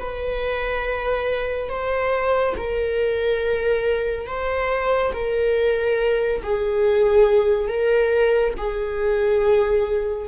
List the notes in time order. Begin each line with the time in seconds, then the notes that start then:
0.00 B4
1.69 C5
2.58 A#4
4.27 C5
5.14 A#4
6.43 G#4
7.69 A#4
8.58 G#4